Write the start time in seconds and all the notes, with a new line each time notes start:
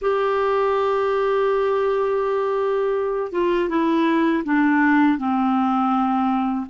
0.01 G4
3.32 F4
3.69 E4
4.44 D4
5.18 C4